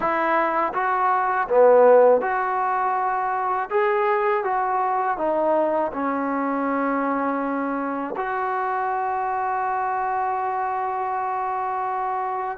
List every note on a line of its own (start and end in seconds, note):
0.00 0.72 E4
0.73 1.47 F#4
1.48 2.21 B3
2.21 3.69 F#4
3.70 4.44 G#4
4.44 5.17 F#4
5.17 5.91 D#4
5.92 8.14 C#4
8.16 12.58 F#4